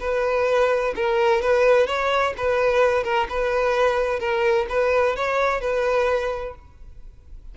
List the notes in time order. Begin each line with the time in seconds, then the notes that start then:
0.00 B4
0.95 A#4
1.41 B4
1.87 C#5
2.37 B4
3.03 A#4
3.29 B4
4.20 A#4
4.69 B4
5.16 C#5
5.61 B4